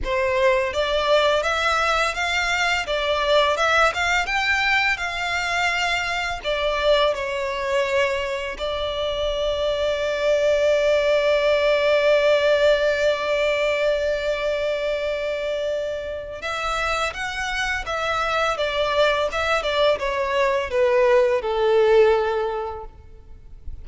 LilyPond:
\new Staff \with { instrumentName = "violin" } { \time 4/4 \tempo 4 = 84 c''4 d''4 e''4 f''4 | d''4 e''8 f''8 g''4 f''4~ | f''4 d''4 cis''2 | d''1~ |
d''1~ | d''2. e''4 | fis''4 e''4 d''4 e''8 d''8 | cis''4 b'4 a'2 | }